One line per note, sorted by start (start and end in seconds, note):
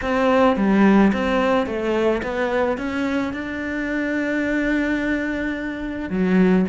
0.01 0.56 C4
0.56 1.12 G3
1.12 1.66 C4
1.66 2.22 A3
2.22 2.77 B3
2.77 3.33 C#4
3.33 6.09 D4
6.09 6.65 F#3